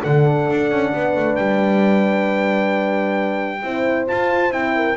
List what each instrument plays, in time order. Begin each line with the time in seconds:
0.00 double bass D3, horn D4 A4, trumpet F#5
0.50 double bass D4
0.71 double bass C#4
0.91 double bass B3, horn B4
1.16 double bass A3
1.36 double bass G3, trumpet G5
3.62 double bass C4, horn E4 C5
4.07 horn F4, double bass F4, trumpet A5
4.50 double bass C4, horn E4, trumpet G5
4.76 horn A#4